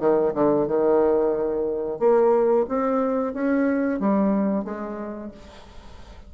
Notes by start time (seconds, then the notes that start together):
0.00 D#3
0.35 D3
0.68 D#3
2.00 A#3
2.69 C4
3.34 C#4
4.00 G3
4.65 G#3